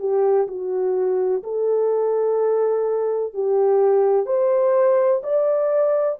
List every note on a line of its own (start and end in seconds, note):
0.00 0.48 G4
0.48 1.43 F#4
1.44 3.34 A4
3.34 4.27 G4
4.27 5.22 C5
5.24 6.19 D5